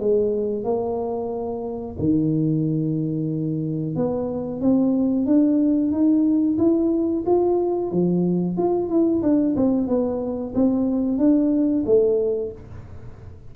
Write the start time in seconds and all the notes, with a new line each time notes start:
0.00 G#3
0.64 A#3
1.99 D#3
3.96 B3
4.61 C4
5.27 D4
5.92 D#4
6.58 E4
7.26 F4
7.92 F3
8.57 F4
8.90 E4
9.23 D4
9.56 C4
9.88 B3
10.55 C4
11.18 D4
11.87 A3